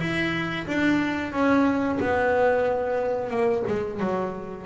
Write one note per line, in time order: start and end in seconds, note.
0.00 0.67 E4
0.67 1.32 D4
1.32 1.99 C#4
2.00 3.31 B3
3.31 3.64 A#3
3.68 4.00 G#3
4.00 4.66 F#3